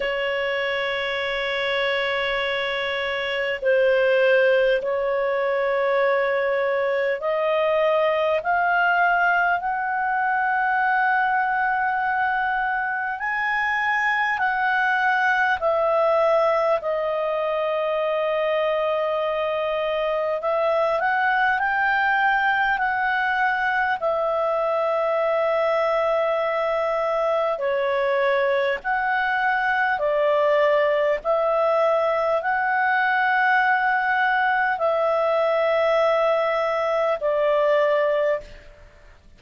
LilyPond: \new Staff \with { instrumentName = "clarinet" } { \time 4/4 \tempo 4 = 50 cis''2. c''4 | cis''2 dis''4 f''4 | fis''2. gis''4 | fis''4 e''4 dis''2~ |
dis''4 e''8 fis''8 g''4 fis''4 | e''2. cis''4 | fis''4 d''4 e''4 fis''4~ | fis''4 e''2 d''4 | }